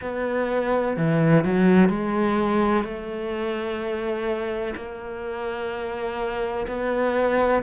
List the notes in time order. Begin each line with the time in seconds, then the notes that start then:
0.01 B3
0.96 E3
1.44 F#3
1.89 G#3
2.84 A3
4.76 A#3
6.67 B3